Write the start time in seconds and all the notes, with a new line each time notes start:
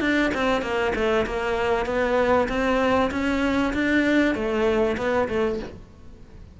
0.00 D4
0.34 C4
0.62 A#3
0.94 A3
1.26 A#3
1.86 B3
2.48 C4
3.11 C#4
3.73 D4
4.34 A3
4.97 B3
5.28 A3